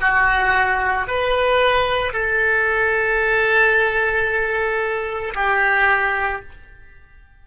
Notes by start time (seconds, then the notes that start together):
0.00 F#4
1.07 B4
2.12 A4
5.35 G4